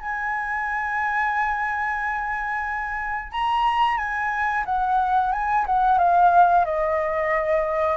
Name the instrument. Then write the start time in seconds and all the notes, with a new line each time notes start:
flute
0.00 G#5
3.32 A#5
3.97 G#5
4.65 F#5
5.32 G#5
5.67 F#5
5.98 F5
6.65 D#5